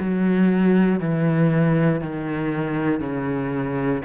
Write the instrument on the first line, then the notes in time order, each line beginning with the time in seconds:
cello
0.00 F#3
1.00 E3
2.01 D#3
3.00 C#3